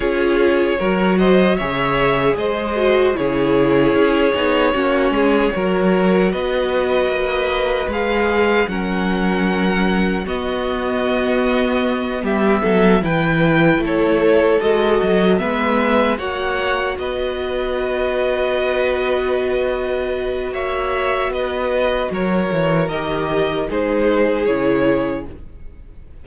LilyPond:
<<
  \new Staff \with { instrumentName = "violin" } { \time 4/4 \tempo 4 = 76 cis''4. dis''8 e''4 dis''4 | cis''1 | dis''2 f''4 fis''4~ | fis''4 dis''2~ dis''8 e''8~ |
e''8 g''4 cis''4 dis''4 e''8~ | e''8 fis''4 dis''2~ dis''8~ | dis''2 e''4 dis''4 | cis''4 dis''4 c''4 cis''4 | }
  \new Staff \with { instrumentName = "violin" } { \time 4/4 gis'4 ais'8 c''8 cis''4 c''4 | gis'2 fis'8 gis'8 ais'4 | b'2. ais'4~ | ais'4 fis'2~ fis'8 g'8 |
a'8 b'4 a'2 b'8~ | b'8 cis''4 b'2~ b'8~ | b'2 cis''4 b'4 | ais'2 gis'2 | }
  \new Staff \with { instrumentName = "viola" } { \time 4/4 f'4 fis'4 gis'4. fis'8 | e'4. dis'8 cis'4 fis'4~ | fis'2 gis'4 cis'4~ | cis'4 b2.~ |
b8 e'2 fis'4 b8~ | b8 fis'2.~ fis'8~ | fis'1~ | fis'4 g'4 dis'4 e'4 | }
  \new Staff \with { instrumentName = "cello" } { \time 4/4 cis'4 fis4 cis4 gis4 | cis4 cis'8 b8 ais8 gis8 fis4 | b4 ais4 gis4 fis4~ | fis4 b2~ b8 g8 |
fis8 e4 a4 gis8 fis8 gis8~ | gis8 ais4 b2~ b8~ | b2 ais4 b4 | fis8 e8 dis4 gis4 cis4 | }
>>